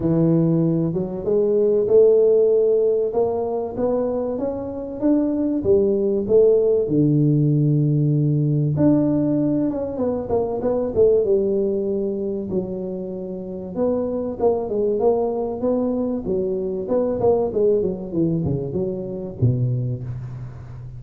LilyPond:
\new Staff \with { instrumentName = "tuba" } { \time 4/4 \tempo 4 = 96 e4. fis8 gis4 a4~ | a4 ais4 b4 cis'4 | d'4 g4 a4 d4~ | d2 d'4. cis'8 |
b8 ais8 b8 a8 g2 | fis2 b4 ais8 gis8 | ais4 b4 fis4 b8 ais8 | gis8 fis8 e8 cis8 fis4 b,4 | }